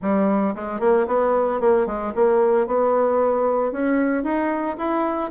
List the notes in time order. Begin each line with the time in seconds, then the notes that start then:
0.01 G3
0.55 G#3
0.80 A#3
1.07 B3
1.60 A#3
1.86 G#3
2.15 A#3
2.67 B3
3.72 C#4
4.23 D#4
4.77 E4